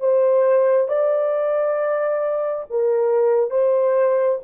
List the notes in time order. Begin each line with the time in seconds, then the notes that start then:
0.00 C5
0.88 D5
2.70 A#4
3.50 C5